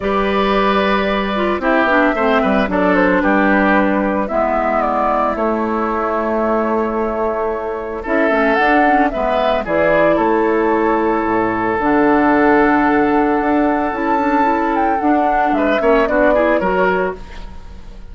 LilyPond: <<
  \new Staff \with { instrumentName = "flute" } { \time 4/4 \tempo 4 = 112 d''2. e''4~ | e''4 d''8 c''8 b'2 | e''4 d''4 cis''2~ | cis''2. e''4 |
fis''4 e''4 d''4 cis''4~ | cis''2 fis''2~ | fis''2 a''4. g''8 | fis''4 e''4 d''4 cis''4 | }
  \new Staff \with { instrumentName = "oboe" } { \time 4/4 b'2. g'4 | c''8 b'8 a'4 g'2 | e'1~ | e'2. a'4~ |
a'4 b'4 gis'4 a'4~ | a'1~ | a'1~ | a'4 b'8 cis''8 fis'8 gis'8 ais'4 | }
  \new Staff \with { instrumentName = "clarinet" } { \time 4/4 g'2~ g'8 f'8 e'8 d'8 | c'4 d'2. | b2 a2~ | a2. e'8 cis'8 |
d'8 cis'8 b4 e'2~ | e'2 d'2~ | d'2 e'8 d'8 e'4 | d'4. cis'8 d'8 e'8 fis'4 | }
  \new Staff \with { instrumentName = "bassoon" } { \time 4/4 g2. c'8 b8 | a8 g8 fis4 g2 | gis2 a2~ | a2. cis'8 a8 |
d'4 gis4 e4 a4~ | a4 a,4 d2~ | d4 d'4 cis'2 | d'4 gis8 ais8 b4 fis4 | }
>>